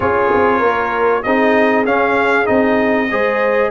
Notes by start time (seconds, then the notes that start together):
0.00 C#4 F4 G#4 C#5
0.34 C4
0.59 A#3 A#4
1.23 C4 D#4 G#4 D#5
1.85 C#4 F5
2.45 C4 D#4 D#5
3.10 G#3 G#4 C5